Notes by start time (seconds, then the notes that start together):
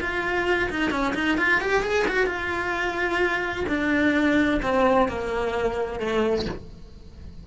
0.00 F4
0.70 D#4
0.91 C#4
1.14 D#4
1.37 F4
1.61 G4
1.83 G#4
2.07 F#4
2.26 F4
3.68 D4
4.62 C4
5.08 A#3
5.99 A3